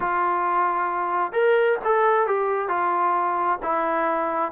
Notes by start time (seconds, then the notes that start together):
0.00 F4
1.32 A#4
1.84 A4
2.26 G4
2.68 F4
3.62 E4